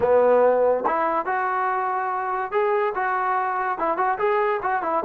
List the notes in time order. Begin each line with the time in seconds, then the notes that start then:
0.00 B3
0.86 E4
1.25 F#4
2.51 G#4
2.95 F#4
3.78 E4
3.97 F#4
4.18 G#4
4.62 F#4
4.82 E4